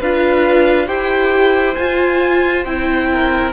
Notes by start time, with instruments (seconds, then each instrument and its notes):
0.00 cello D4, viola F4, violin B4 F5
0.87 cello E4, viola G4, violin C5 G5
1.75 viola F4, cello F4, violin G#5
2.65 cello C4, viola E4, violin G5
3.12 violin A#4